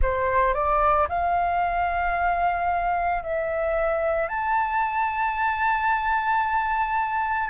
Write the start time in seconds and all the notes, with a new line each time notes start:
0.01 C5
0.54 D5
1.08 F5
3.22 E5
4.28 A5